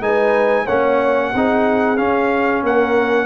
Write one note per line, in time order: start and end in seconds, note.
0.00 0.65 G#3
0.00 0.66 D#4
0.00 0.65 B4
0.00 0.67 G#5
0.65 1.33 A#3
0.65 1.33 C#4
0.65 1.30 C#5
0.65 1.97 F#5
1.34 1.98 C4
1.34 1.97 D#4
1.34 2.64 G#4
1.97 3.26 C#4
1.97 2.63 C#4
1.97 2.62 F5
2.63 3.26 A#3
2.63 3.26 A#4
2.63 3.26 F#5